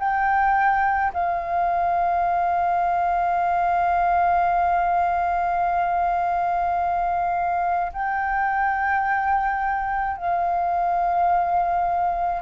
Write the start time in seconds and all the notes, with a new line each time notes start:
0.00 G5
1.14 F5
7.93 G5
10.17 F5